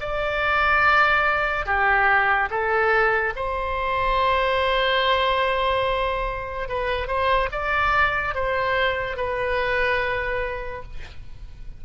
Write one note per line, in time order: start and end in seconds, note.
0.00 1.66 D5
1.66 2.49 G4
2.50 3.34 A4
3.36 6.69 C5
6.69 7.08 B4
7.08 7.49 C5
7.52 8.35 D5
8.35 9.17 C5
9.17 10.83 B4